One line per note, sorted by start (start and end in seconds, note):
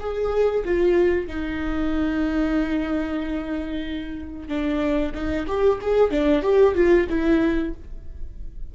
0.00 0.65 G#4
0.65 1.28 F4
1.28 4.49 D#4
4.49 5.13 D4
5.15 5.47 D#4
5.48 5.80 G4
5.82 6.11 G#4
6.11 6.43 D4
6.43 6.75 G4
6.75 7.07 F4
7.10 7.74 E4